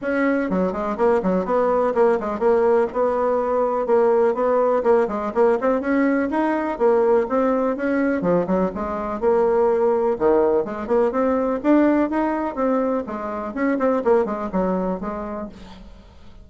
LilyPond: \new Staff \with { instrumentName = "bassoon" } { \time 4/4 \tempo 4 = 124 cis'4 fis8 gis8 ais8 fis8 b4 | ais8 gis8 ais4 b2 | ais4 b4 ais8 gis8 ais8 c'8 | cis'4 dis'4 ais4 c'4 |
cis'4 f8 fis8 gis4 ais4~ | ais4 dis4 gis8 ais8 c'4 | d'4 dis'4 c'4 gis4 | cis'8 c'8 ais8 gis8 fis4 gis4 | }